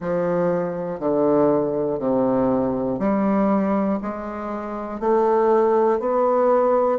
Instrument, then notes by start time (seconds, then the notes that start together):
bassoon
0.00 F3
1.00 D3
1.99 C3
2.99 G3
4.02 G#3
5.00 A3
5.99 B3